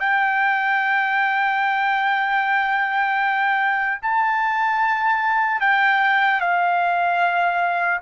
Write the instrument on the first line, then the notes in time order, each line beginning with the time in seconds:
trumpet
0.00 G5
4.02 A5
5.61 G5
6.40 F5